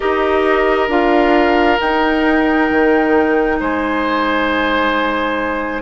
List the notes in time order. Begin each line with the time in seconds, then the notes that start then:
0.00 D#4 G4 A#4 D#5
0.88 D4 F4 F5
1.80 D#4 G5
2.70 D#3
3.60 G#3 C5 G#5